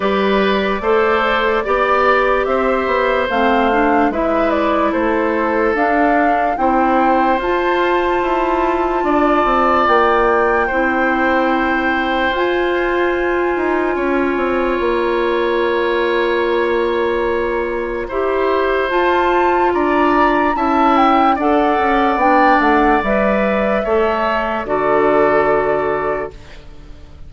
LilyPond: <<
  \new Staff \with { instrumentName = "flute" } { \time 4/4 \tempo 4 = 73 d''2. e''4 | f''4 e''8 d''8 c''4 f''4 | g''4 a''2. | g''2. gis''4~ |
gis''2 ais''2~ | ais''2. a''4 | ais''4 a''8 g''8 fis''4 g''8 fis''8 | e''2 d''2 | }
  \new Staff \with { instrumentName = "oboe" } { \time 4/4 b'4 c''4 d''4 c''4~ | c''4 b'4 a'2 | c''2. d''4~ | d''4 c''2.~ |
c''4 cis''2.~ | cis''2 c''2 | d''4 e''4 d''2~ | d''4 cis''4 a'2 | }
  \new Staff \with { instrumentName = "clarinet" } { \time 4/4 g'4 a'4 g'2 | c'8 d'8 e'2 d'4 | e'4 f'2.~ | f'4 e'2 f'4~ |
f'1~ | f'2 g'4 f'4~ | f'4 e'4 a'4 d'4 | b'4 a'4 fis'2 | }
  \new Staff \with { instrumentName = "bassoon" } { \time 4/4 g4 a4 b4 c'8 b8 | a4 gis4 a4 d'4 | c'4 f'4 e'4 d'8 c'8 | ais4 c'2 f'4~ |
f'8 dis'8 cis'8 c'8 ais2~ | ais2 e'4 f'4 | d'4 cis'4 d'8 cis'8 b8 a8 | g4 a4 d2 | }
>>